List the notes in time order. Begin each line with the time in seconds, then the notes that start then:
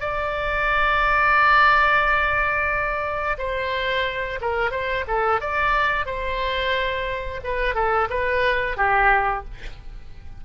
0.00 D5
3.38 C5
4.41 A#4
4.71 C5
5.07 A4
5.40 D5
6.06 C5
7.43 B4
7.74 A4
8.10 B4
8.77 G4